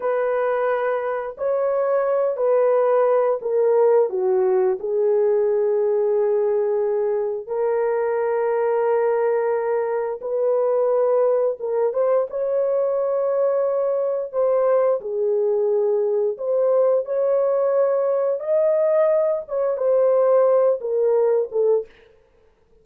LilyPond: \new Staff \with { instrumentName = "horn" } { \time 4/4 \tempo 4 = 88 b'2 cis''4. b'8~ | b'4 ais'4 fis'4 gis'4~ | gis'2. ais'4~ | ais'2. b'4~ |
b'4 ais'8 c''8 cis''2~ | cis''4 c''4 gis'2 | c''4 cis''2 dis''4~ | dis''8 cis''8 c''4. ais'4 a'8 | }